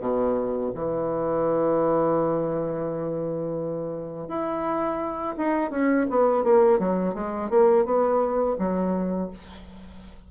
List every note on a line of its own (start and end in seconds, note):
0.00 0.71 B2
0.74 4.28 E3
4.28 5.35 E4
5.37 5.70 D#4
5.70 6.06 C#4
6.10 6.44 B3
6.44 6.79 A#3
6.79 7.14 F#3
7.14 7.49 G#3
7.49 7.85 A#3
7.85 8.56 B3
8.58 9.30 F#3